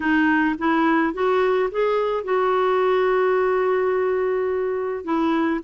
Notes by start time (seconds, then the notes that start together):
0.00 D#4
0.58 E4
1.13 F#4
1.71 G#4
2.24 F#4
5.04 E4